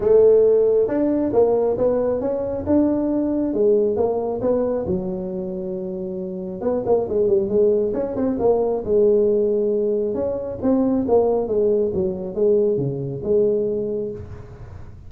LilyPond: \new Staff \with { instrumentName = "tuba" } { \time 4/4 \tempo 4 = 136 a2 d'4 ais4 | b4 cis'4 d'2 | gis4 ais4 b4 fis4~ | fis2. b8 ais8 |
gis8 g8 gis4 cis'8 c'8 ais4 | gis2. cis'4 | c'4 ais4 gis4 fis4 | gis4 cis4 gis2 | }